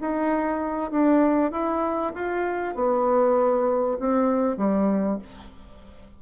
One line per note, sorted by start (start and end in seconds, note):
0.00 0.91 D#4
0.91 1.51 D4
1.51 2.12 E4
2.14 2.75 F4
2.75 3.97 B3
3.99 4.57 C4
4.57 5.18 G3